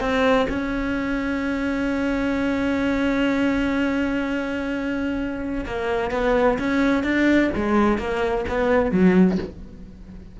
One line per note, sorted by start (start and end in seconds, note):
0.00 0.47 C4
0.49 5.65 C#4
5.66 6.11 A#3
6.11 6.58 B3
6.59 7.04 C#4
7.04 7.50 D4
7.56 7.98 G#3
7.98 8.45 A#3
8.49 8.91 B3
8.91 9.38 F#3